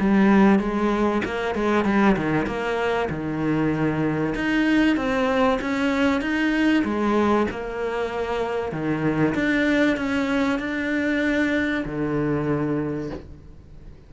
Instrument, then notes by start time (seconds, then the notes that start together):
cello
0.00 G3
0.59 G#3
1.25 A#3
1.55 G#3
1.85 G3
2.17 D#3
2.46 A#3
3.10 D#3
4.35 D#4
4.97 C4
5.61 C#4
6.21 D#4
6.85 G#3
7.51 A#3
8.72 D#3
9.35 D4
9.97 C#4
10.59 D4
11.85 D3